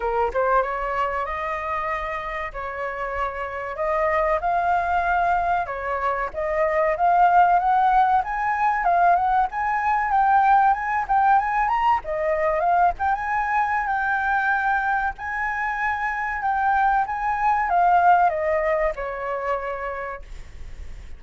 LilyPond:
\new Staff \with { instrumentName = "flute" } { \time 4/4 \tempo 4 = 95 ais'8 c''8 cis''4 dis''2 | cis''2 dis''4 f''4~ | f''4 cis''4 dis''4 f''4 | fis''4 gis''4 f''8 fis''8 gis''4 |
g''4 gis''8 g''8 gis''8 ais''8 dis''4 | f''8 g''16 gis''4~ gis''16 g''2 | gis''2 g''4 gis''4 | f''4 dis''4 cis''2 | }